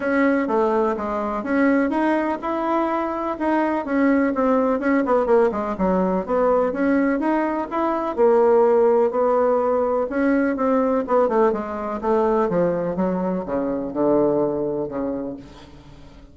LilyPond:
\new Staff \with { instrumentName = "bassoon" } { \time 4/4 \tempo 4 = 125 cis'4 a4 gis4 cis'4 | dis'4 e'2 dis'4 | cis'4 c'4 cis'8 b8 ais8 gis8 | fis4 b4 cis'4 dis'4 |
e'4 ais2 b4~ | b4 cis'4 c'4 b8 a8 | gis4 a4 f4 fis4 | cis4 d2 cis4 | }